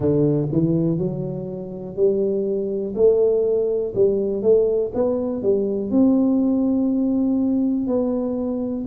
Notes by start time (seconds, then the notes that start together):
0.00 D3
0.51 E3
0.97 F#3
1.95 G3
2.95 A3
3.94 G3
4.42 A3
4.94 B3
5.42 G3
5.91 C4
7.87 B3